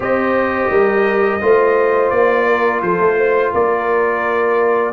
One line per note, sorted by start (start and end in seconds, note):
0.00 0.69 C4
0.00 1.40 G4
0.00 0.70 C5
0.00 2.10 D#5
0.70 1.40 G3
0.70 1.41 A#4
1.41 2.11 A3
1.41 4.93 F4
1.41 2.46 C5
2.10 2.81 A#3
2.10 2.80 D5
2.46 2.82 A#4
2.81 2.99 F3
2.81 3.17 A4
2.81 3.52 C5
2.99 3.52 A3
3.17 3.52 C5
3.53 4.93 A#3
3.53 4.93 A#4
3.53 4.93 D5